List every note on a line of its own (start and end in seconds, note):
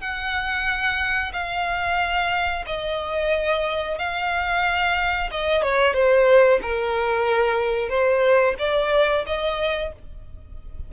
0.00 1.32 F#5
1.32 2.64 F5
2.66 3.98 D#5
3.98 5.30 F5
5.31 5.62 D#5
5.62 5.93 C#5
5.93 6.59 C5
6.62 7.89 A#4
7.89 8.55 C5
8.58 9.24 D5
9.26 9.92 D#5